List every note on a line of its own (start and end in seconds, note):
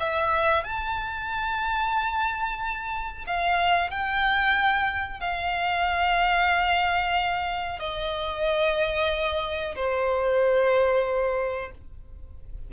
0.00 0.64 E5
0.64 3.25 A5
3.27 3.91 F5
3.91 5.20 G5
5.20 7.80 F5
7.80 9.76 D#5
9.76 11.72 C5